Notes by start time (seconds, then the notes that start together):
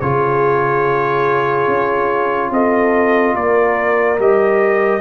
0.00 C#3 F4 G#4 C#5
1.67 C#4
2.50 C4 A4 D#5
3.35 A#3 A#4 D5
4.19 G3 G4 D#5